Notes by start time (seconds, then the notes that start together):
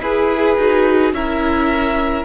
0.00 E4 G#4 B4
0.57 D#4 F#4
1.12 C#4 E4 A#4 E5